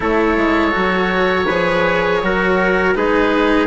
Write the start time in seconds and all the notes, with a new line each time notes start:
0.00 A3 E4 A4 C#5
0.36 G#3
0.71 F#3 F#4
1.46 F3 G#4 B4
2.23 F#3 F#4 A#4
2.95 G#3 D#4 G#4 B4